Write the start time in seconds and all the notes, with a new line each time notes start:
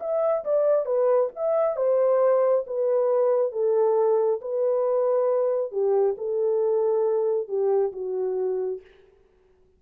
0.00 E5
0.45 D5
0.86 B4
1.36 E5
1.76 C5
2.67 B4
3.52 A4
4.41 B4
5.72 G4
6.18 A4
7.48 G4
7.93 F#4